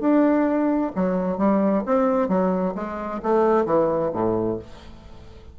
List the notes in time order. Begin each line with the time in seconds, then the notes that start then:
0.00 D4
0.95 F#3
1.38 G3
1.86 C4
2.29 F#3
2.75 G#3
3.23 A3
3.65 E3
4.13 A2